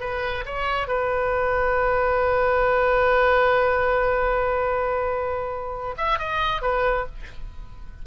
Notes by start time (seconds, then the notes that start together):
0.00 B4
0.45 C#5
0.87 B4
5.97 E5
6.18 D#5
6.62 B4